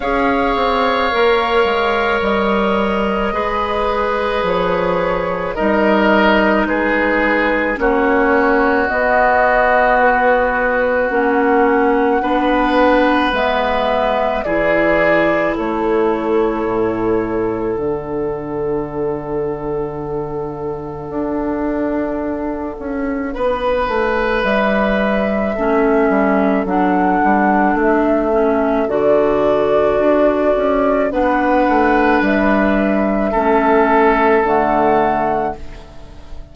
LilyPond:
<<
  \new Staff \with { instrumentName = "flute" } { \time 4/4 \tempo 4 = 54 f''2 dis''2 | cis''4 dis''4 b'4 cis''4 | dis''4 b'4 fis''2 | e''4 d''4 cis''2 |
fis''1~ | fis''2 e''2 | fis''4 e''4 d''2 | fis''4 e''2 fis''4 | }
  \new Staff \with { instrumentName = "oboe" } { \time 4/4 cis''2. b'4~ | b'4 ais'4 gis'4 fis'4~ | fis'2. b'4~ | b'4 gis'4 a'2~ |
a'1~ | a'4 b'2 a'4~ | a'1 | b'2 a'2 | }
  \new Staff \with { instrumentName = "clarinet" } { \time 4/4 gis'4 ais'2 gis'4~ | gis'4 dis'2 cis'4 | b2 cis'4 d'4 | b4 e'2. |
d'1~ | d'2. cis'4 | d'4. cis'8 fis'2 | d'2 cis'4 a4 | }
  \new Staff \with { instrumentName = "bassoon" } { \time 4/4 cis'8 c'8 ais8 gis8 g4 gis4 | f4 g4 gis4 ais4 | b2 ais4 b4 | gis4 e4 a4 a,4 |
d2. d'4~ | d'8 cis'8 b8 a8 g4 a8 g8 | fis8 g8 a4 d4 d'8 cis'8 | b8 a8 g4 a4 d4 | }
>>